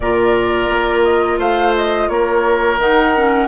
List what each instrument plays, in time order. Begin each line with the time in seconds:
0.00 bassoon A#2, clarinet F4, oboe A#4, flute D5
0.69 bassoon A#3
1.03 flute D#5
1.38 bassoon A3, oboe C5, flute F5
1.76 flute D#5
2.09 bassoon A#3, oboe A#4, flute C#5
2.78 bassoon D#3, clarinet D#4, flute F#5
3.16 clarinet C#4